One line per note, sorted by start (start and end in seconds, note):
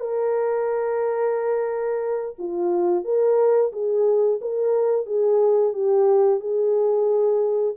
0.00 2.36 A#4
2.38 3.04 F4
3.04 3.72 A#4
3.73 4.40 G#4
4.41 5.06 A#4
5.06 5.73 G#4
5.73 6.40 G4
6.40 7.75 G#4